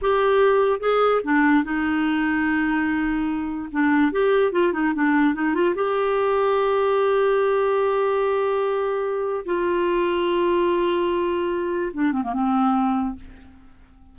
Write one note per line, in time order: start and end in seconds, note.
0.01 0.80 G4
0.80 1.21 G#4
1.24 1.64 D4
1.64 3.69 D#4
3.72 4.12 D4
4.12 4.52 G4
4.52 4.72 F4
4.73 4.93 D#4
4.94 5.34 D4
5.34 5.54 D#4
5.54 5.75 F4
5.75 9.45 G4
9.45 11.92 F4
11.93 12.12 D4
12.12 12.22 C4
12.23 12.33 A#3
12.33 13.15 C4